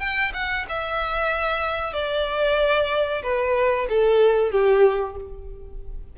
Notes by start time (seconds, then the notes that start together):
0.00 G5
0.33 F#5
0.69 E5
1.94 D5
3.23 B4
3.89 A4
4.51 G4